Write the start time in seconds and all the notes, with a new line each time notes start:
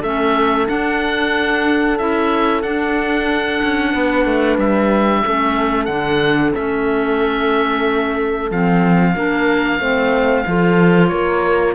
0.00 A3 C#4 A4 E5
0.68 D4 F#5
1.98 C#4 E4 E5
2.62 D4 F#5
3.63 C#4
3.92 B3 B4
4.25 A3
4.58 G3 E5
5.26 A3 C#4 A4
5.85 D3 D4 F#5
6.54 A3 C#4 E5
8.51 F3 C4 F5
9.15 A#3 D4 A#4
9.79 A3 C4 C5
10.47 F3 F4 A4
11.08 A#3 A#4 C#5